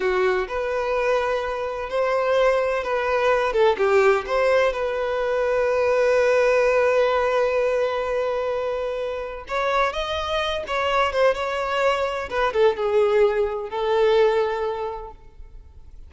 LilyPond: \new Staff \with { instrumentName = "violin" } { \time 4/4 \tempo 4 = 127 fis'4 b'2. | c''2 b'4. a'8 | g'4 c''4 b'2~ | b'1~ |
b'1 | cis''4 dis''4. cis''4 c''8 | cis''2 b'8 a'8 gis'4~ | gis'4 a'2. | }